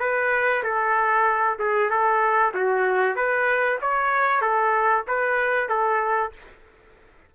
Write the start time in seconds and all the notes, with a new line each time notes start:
0.00 B4
0.64 A4
1.59 G#4
1.91 A4
2.54 F#4
3.16 B4
3.82 C#5
4.42 A4
5.08 B4
5.69 A4